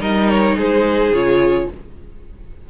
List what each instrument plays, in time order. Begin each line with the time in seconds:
0.00 cello G3, viola D#4, violin A#4 D#5
0.30 violin C#5
0.56 cello G#3, violin G#4 C5
1.11 cello C#3, viola F4, violin C#5